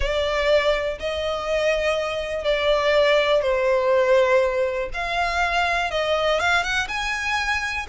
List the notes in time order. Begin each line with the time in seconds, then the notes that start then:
0.00 D5
0.99 D#5
2.44 D5
3.42 C5
4.93 F5
5.91 D#5
6.40 F5
6.63 F#5
6.88 G#5